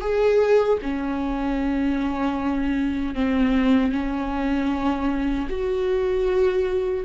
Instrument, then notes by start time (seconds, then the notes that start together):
viola
0.00 G#4
0.82 C#4
3.14 C4
3.91 C#4
5.49 F#4